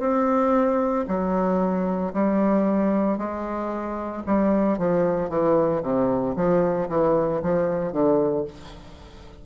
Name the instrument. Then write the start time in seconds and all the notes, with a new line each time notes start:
bassoon
0.00 C4
1.08 F#3
2.13 G3
3.18 G#3
4.26 G3
4.78 F3
5.30 E3
5.83 C3
6.36 F3
6.89 E3
7.42 F3
7.92 D3